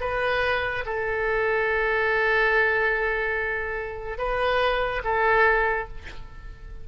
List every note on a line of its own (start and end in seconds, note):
0.00 0.84 B4
0.85 4.17 A4
4.17 5.01 B4
5.04 5.88 A4